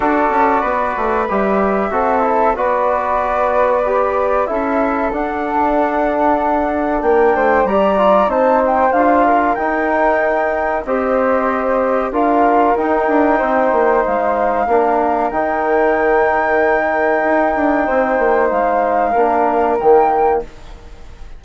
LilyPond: <<
  \new Staff \with { instrumentName = "flute" } { \time 4/4 \tempo 4 = 94 d''2 e''2 | d''2. e''4 | fis''2. g''4 | ais''4 a''8 g''8 f''4 g''4~ |
g''4 dis''2 f''4 | g''2 f''2 | g''1~ | g''4 f''2 g''4 | }
  \new Staff \with { instrumentName = "flute" } { \time 4/4 a'4 b'2 a'4 | b'2. a'4~ | a'2. ais'8 c''8 | d''4 c''4. ais'4.~ |
ais'4 c''2 ais'4~ | ais'4 c''2 ais'4~ | ais'1 | c''2 ais'2 | }
  \new Staff \with { instrumentName = "trombone" } { \time 4/4 fis'2 g'4 fis'8 e'8 | fis'2 g'4 e'4 | d'1 | g'8 f'8 dis'4 f'4 dis'4~ |
dis'4 g'2 f'4 | dis'2. d'4 | dis'1~ | dis'2 d'4 ais4 | }
  \new Staff \with { instrumentName = "bassoon" } { \time 4/4 d'8 cis'8 b8 a8 g4 c'4 | b2. cis'4 | d'2. ais8 a8 | g4 c'4 d'4 dis'4~ |
dis'4 c'2 d'4 | dis'8 d'8 c'8 ais8 gis4 ais4 | dis2. dis'8 d'8 | c'8 ais8 gis4 ais4 dis4 | }
>>